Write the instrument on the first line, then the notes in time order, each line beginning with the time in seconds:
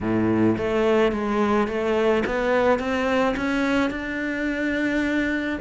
cello
0.00 A2
0.57 A3
1.12 G#3
1.67 A3
2.26 B3
2.79 C4
3.36 C#4
3.90 D4